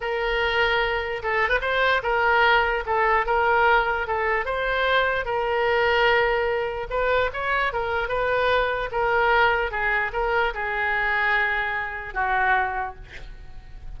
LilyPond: \new Staff \with { instrumentName = "oboe" } { \time 4/4 \tempo 4 = 148 ais'2. a'8. b'16 | c''4 ais'2 a'4 | ais'2 a'4 c''4~ | c''4 ais'2.~ |
ais'4 b'4 cis''4 ais'4 | b'2 ais'2 | gis'4 ais'4 gis'2~ | gis'2 fis'2 | }